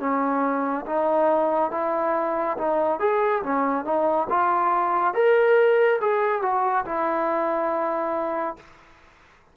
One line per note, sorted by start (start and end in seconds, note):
0.00 0.86 C#4
0.86 1.72 D#4
1.72 2.58 E4
2.58 3.00 D#4
3.00 3.43 G#4
3.43 3.85 C#4
3.85 4.28 D#4
4.30 5.14 F4
5.14 6.00 A#4
6.01 6.42 G#4
6.42 6.85 F#4
6.85 8.57 E4